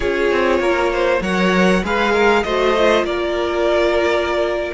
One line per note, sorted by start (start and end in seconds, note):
0.00 0.31 C#4
0.00 1.21 F4
0.00 0.59 G#4
0.00 1.22 C#5
0.31 0.59 C4
0.59 1.20 A#3
0.59 0.91 A#4
0.92 1.22 C5
1.21 1.82 F#3
1.21 1.82 A#4
1.21 1.83 C#5
1.21 1.84 F#5
1.83 2.44 G#3
1.83 2.45 G#4
1.83 2.12 B4
1.83 2.43 F5
2.12 2.42 A#4
2.43 3.03 A3
2.43 2.76 F#4
2.43 3.06 C5
2.43 3.04 D#5
2.77 4.73 F4
3.03 4.71 A#3
3.03 4.73 A#4
3.03 4.73 D5